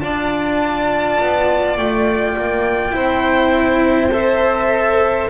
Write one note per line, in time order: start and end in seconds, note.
0.00 1.18 D4
0.00 2.92 F4
0.00 2.95 D5
0.00 1.77 A5
1.21 1.77 B3
1.77 2.36 A3
1.77 4.12 G5
2.37 2.94 A#3
2.92 5.29 C4
2.92 4.10 E4
2.92 5.30 C5
4.12 5.29 A4
4.12 5.30 E5